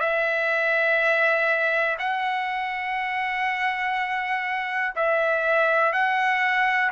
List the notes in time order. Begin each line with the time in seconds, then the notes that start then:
0.00 E5
1.99 F#5
4.96 E5
5.93 F#5